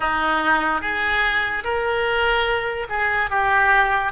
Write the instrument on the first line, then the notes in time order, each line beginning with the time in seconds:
oboe
0.00 D#4
0.81 G#4
1.64 A#4
2.89 G#4
3.30 G4